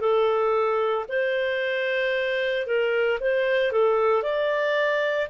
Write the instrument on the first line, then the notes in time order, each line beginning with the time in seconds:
clarinet
0.00 A4
1.09 C5
2.67 A#4
3.20 C5
3.72 A4
4.22 D5